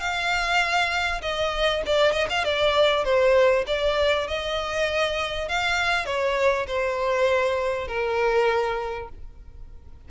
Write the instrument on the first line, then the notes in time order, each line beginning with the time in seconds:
violin
0.00 F5
1.22 D#5
1.86 D5
2.12 D#5
2.29 F5
2.45 D5
3.04 C5
3.67 D5
4.28 D#5
5.49 F5
6.06 C#5
6.67 C5
7.88 A#4